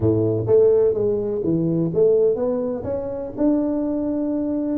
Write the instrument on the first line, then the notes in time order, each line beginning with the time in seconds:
tuba
0.00 A2
0.46 A3
0.94 G#3
1.43 E3
1.94 A3
2.35 B3
2.83 C#4
3.37 D4